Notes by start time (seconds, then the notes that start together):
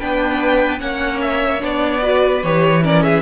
0.00 B3 D4 B4 G5
0.79 A#3 C#4 C#5 F#5
1.22 E5
1.61 B3 D4 D5
2.02 F#4 B4
2.44 E3 G4 C#5
2.83 C#4 A#4 D5
3.03 G#4 E5